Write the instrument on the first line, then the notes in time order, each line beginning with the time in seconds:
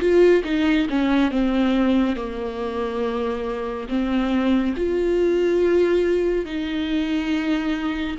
viola
0.00 F4
0.44 D#4
0.90 C#4
1.31 C4
2.16 A#3
3.89 C4
4.77 F4
6.45 D#4